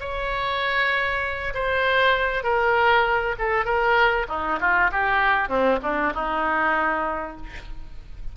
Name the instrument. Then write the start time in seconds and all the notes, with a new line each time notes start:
oboe
0.00 C#5
1.54 C5
2.43 A#4
3.38 A4
3.65 A#4
4.29 D#4
4.60 F4
4.92 G4
5.48 C4
5.82 D4
6.14 D#4